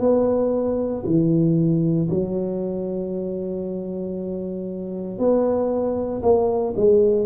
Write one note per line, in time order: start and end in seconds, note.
0.00 1.03 B3
1.05 2.09 E3
2.09 5.18 F#3
5.18 6.22 B3
6.22 6.74 A#3
6.76 7.26 G#3